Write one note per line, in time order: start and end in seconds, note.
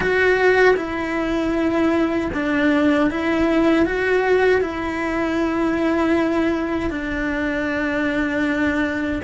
0.00 0.75 F#4
0.76 2.30 E4
2.33 3.10 D4
3.10 3.85 E4
3.85 4.61 F#4
4.61 6.90 E4
6.90 9.21 D4